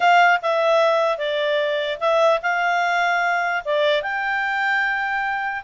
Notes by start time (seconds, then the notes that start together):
0.00 F5
0.42 E5
1.18 D5
2.00 E5
2.42 F5
3.65 D5
4.02 G5